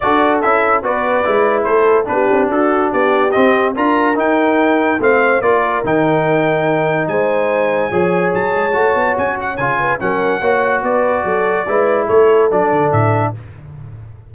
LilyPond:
<<
  \new Staff \with { instrumentName = "trumpet" } { \time 4/4 \tempo 4 = 144 d''4 e''4 d''2 | c''4 b'4 a'4 d''4 | dis''4 ais''4 g''2 | f''4 d''4 g''2~ |
g''4 gis''2. | a''2 gis''8 fis''8 gis''4 | fis''2 d''2~ | d''4 cis''4 d''4 e''4 | }
  \new Staff \with { instrumentName = "horn" } { \time 4/4 a'2 b'2 | a'4 g'4 fis'4 g'4~ | g'4 ais'2. | c''4 ais'2.~ |
ais'4 c''2 cis''4~ | cis''2.~ cis''8 b'8 | ais'4 cis''4 b'4 a'4 | b'4 a'2. | }
  \new Staff \with { instrumentName = "trombone" } { \time 4/4 fis'4 e'4 fis'4 e'4~ | e'4 d'2. | c'4 f'4 dis'2 | c'4 f'4 dis'2~ |
dis'2. gis'4~ | gis'4 fis'2 f'4 | cis'4 fis'2. | e'2 d'2 | }
  \new Staff \with { instrumentName = "tuba" } { \time 4/4 d'4 cis'4 b4 gis4 | a4 b8 c'8 d'4 b4 | c'4 d'4 dis'2 | a4 ais4 dis2~ |
dis4 gis2 f4 | fis8 gis8 a8 b8 cis'4 cis4 | fis4 ais4 b4 fis4 | gis4 a4 fis8 d8 a,4 | }
>>